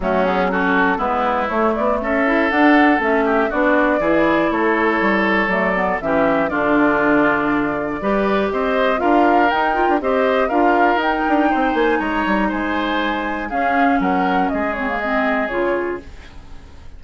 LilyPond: <<
  \new Staff \with { instrumentName = "flute" } { \time 4/4 \tempo 4 = 120 fis'8 gis'8 a'4 b'4 cis''8 d''8 | e''4 fis''4 e''4 d''4~ | d''4 cis''2 d''4 | e''4 d''2.~ |
d''4 dis''4 f''4 g''4 | dis''4 f''4 g''4. gis''8 | ais''4 gis''2 f''4 | fis''4 dis''8 cis''8 dis''4 cis''4 | }
  \new Staff \with { instrumentName = "oboe" } { \time 4/4 cis'4 fis'4 e'2 | a'2~ a'8 g'8 fis'4 | gis'4 a'2. | g'4 f'2. |
b'4 c''4 ais'2 | c''4 ais'2 c''4 | cis''4 c''2 gis'4 | ais'4 gis'2. | }
  \new Staff \with { instrumentName = "clarinet" } { \time 4/4 a8 b8 cis'4 b4 a4~ | a8 e'8 d'4 cis'4 d'4 | e'2. a8 b8 | cis'4 d'2. |
g'2 f'4 dis'8 f'8 | g'4 f'4 dis'2~ | dis'2. cis'4~ | cis'4. c'16 ais16 c'4 f'4 | }
  \new Staff \with { instrumentName = "bassoon" } { \time 4/4 fis2 gis4 a8 b8 | cis'4 d'4 a4 b4 | e4 a4 g4 fis4 | e4 d2. |
g4 c'4 d'4 dis'8. d'16 | c'4 d'4 dis'8 d'8 c'8 ais8 | gis8 g8 gis2 cis'4 | fis4 gis2 cis4 | }
>>